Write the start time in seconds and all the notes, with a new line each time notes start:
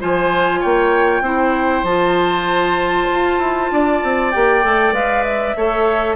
0.00 F3 F4 C5 G#5
0.60 A#3 C#5 G5
1.21 C4 E4 C5
1.83 F3 F4 A5
3.11 F4
3.38 E4
3.71 D4 D5
4.03 C4
4.31 A#3 G4 G5
4.63 A3 A4
4.92 G#3 B4 F5
5.23 E5
5.56 A3 A4 C#5